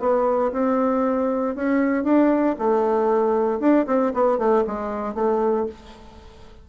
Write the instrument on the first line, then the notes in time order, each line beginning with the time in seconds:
bassoon
0.00 B3
0.52 C4
1.55 C#4
2.04 D4
2.59 A3
3.60 D4
3.87 C4
4.14 B3
4.38 A3
4.67 G#3
5.15 A3